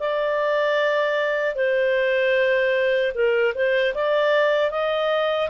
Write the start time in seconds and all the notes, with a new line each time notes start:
0.00 D5
1.55 C5
3.15 A#4
3.55 C5
3.95 D5
4.71 D#5